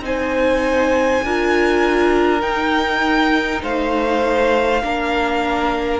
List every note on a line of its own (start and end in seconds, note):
0.00 1.20 C4
0.00 1.23 D#4
0.00 1.25 C5
0.00 2.41 G#5
1.23 2.42 D4
1.23 2.40 F4
1.23 3.63 A#4
2.40 4.80 D#4
2.40 3.62 D#4
2.40 3.61 G5
3.63 4.83 A3
3.63 4.83 C5
3.63 6.00 F5
4.83 6.00 A#3
4.83 6.00 D4
4.83 6.00 A#4